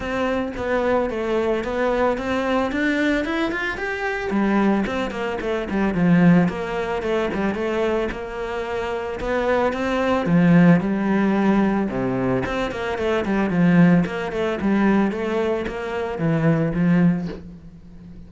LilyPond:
\new Staff \with { instrumentName = "cello" } { \time 4/4 \tempo 4 = 111 c'4 b4 a4 b4 | c'4 d'4 e'8 f'8 g'4 | g4 c'8 ais8 a8 g8 f4 | ais4 a8 g8 a4 ais4~ |
ais4 b4 c'4 f4 | g2 c4 c'8 ais8 | a8 g8 f4 ais8 a8 g4 | a4 ais4 e4 f4 | }